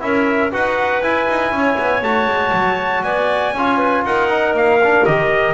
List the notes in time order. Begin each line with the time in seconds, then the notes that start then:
0.00 C#4 E4 A#4 E5
0.52 D#4 F#4 B4 F#5
1.02 E4 G#5
1.29 D#4
1.52 C#4 C#5
1.79 B3
2.02 A3 F#4 A5
2.28 G#3
2.54 F#3
3.04 B3 D5 G#5
3.53 C#4 F4 C#5
3.78 B4
4.04 D#4 A#4 F#5
4.30 D#4
4.54 A#3 F5
4.84 D4
5.06 D#3 G4 D#5